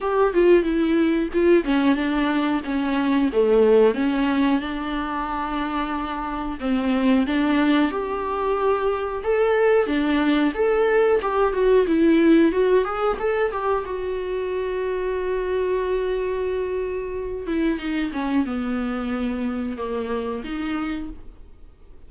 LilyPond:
\new Staff \with { instrumentName = "viola" } { \time 4/4 \tempo 4 = 91 g'8 f'8 e'4 f'8 cis'8 d'4 | cis'4 a4 cis'4 d'4~ | d'2 c'4 d'4 | g'2 a'4 d'4 |
a'4 g'8 fis'8 e'4 fis'8 gis'8 | a'8 g'8 fis'2.~ | fis'2~ fis'8 e'8 dis'8 cis'8 | b2 ais4 dis'4 | }